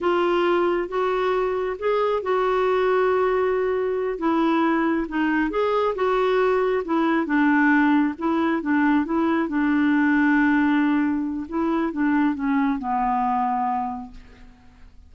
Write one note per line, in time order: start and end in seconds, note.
0.01 0.88 F4
0.88 1.76 F#4
1.79 2.22 G#4
2.22 4.18 F#4
4.18 5.06 E4
5.08 5.50 D#4
5.50 5.94 G#4
5.95 6.83 F#4
6.84 7.26 E4
7.26 8.14 D4
8.18 8.61 E4
8.61 9.05 D4
9.05 9.48 E4
9.48 11.47 D4
11.48 11.92 E4
11.92 12.34 D4
12.34 12.78 C#4
12.78 14.11 B3